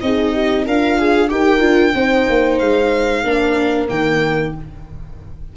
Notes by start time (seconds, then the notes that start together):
0.00 C4 D#4 G#4 D#5
0.33 G4
0.66 D4 F4 A#4 F5
0.98 G#4
1.29 D#4 G4 A#4 G5
1.60 D4 F4
1.94 C4 D#4 C5
2.29 A#3
2.58 G#3 F5
3.23 A#3 D4 A#4
3.87 D#3 A#3 G5